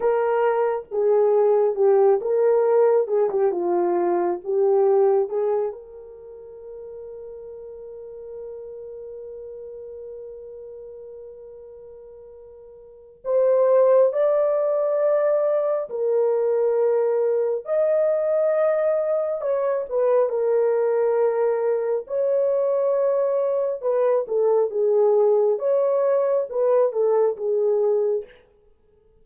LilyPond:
\new Staff \with { instrumentName = "horn" } { \time 4/4 \tempo 4 = 68 ais'4 gis'4 g'8 ais'4 gis'16 g'16 | f'4 g'4 gis'8 ais'4.~ | ais'1~ | ais'2. c''4 |
d''2 ais'2 | dis''2 cis''8 b'8 ais'4~ | ais'4 cis''2 b'8 a'8 | gis'4 cis''4 b'8 a'8 gis'4 | }